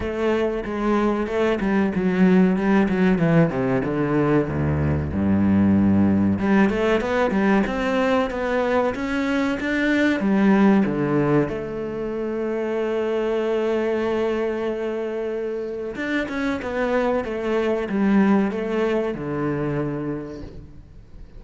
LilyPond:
\new Staff \with { instrumentName = "cello" } { \time 4/4 \tempo 4 = 94 a4 gis4 a8 g8 fis4 | g8 fis8 e8 c8 d4 d,4 | g,2 g8 a8 b8 g8 | c'4 b4 cis'4 d'4 |
g4 d4 a2~ | a1~ | a4 d'8 cis'8 b4 a4 | g4 a4 d2 | }